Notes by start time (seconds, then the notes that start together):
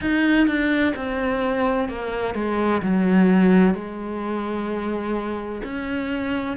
0.01 D#4
0.47 D4
0.96 C4
1.88 A#3
2.34 G#3
2.82 F#3
3.74 G#3
5.63 C#4